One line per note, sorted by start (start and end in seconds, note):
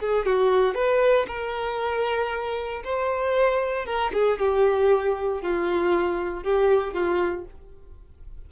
0.00 0.26 G#4
0.26 0.75 F#4
0.75 1.26 B4
1.28 2.83 A#4
2.84 3.86 C5
3.86 4.12 A#4
4.13 4.39 G#4
4.39 5.42 G4
5.42 6.44 F4
6.44 6.94 G4
6.94 7.45 F4